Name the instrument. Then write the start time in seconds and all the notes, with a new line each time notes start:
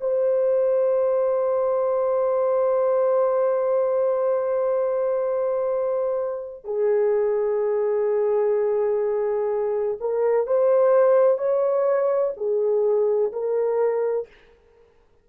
horn
0.00 C5
6.65 G#4
10.00 A#4
10.47 C5
11.38 C#5
12.37 G#4
13.32 A#4